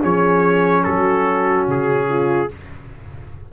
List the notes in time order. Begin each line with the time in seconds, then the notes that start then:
0.00 F3 C#4 G#4 C#5
0.83 F#3 F#4 A4
1.67 C#3 G#4
2.09 F4